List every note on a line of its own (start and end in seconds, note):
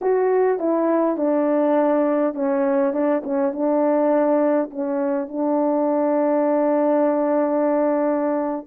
0.01 0.59 F#4
0.59 1.16 E4
1.16 2.34 D4
2.34 2.93 C#4
2.93 3.22 D4
3.23 3.52 C#4
3.52 4.70 D4
4.70 5.28 C#4
5.28 8.66 D4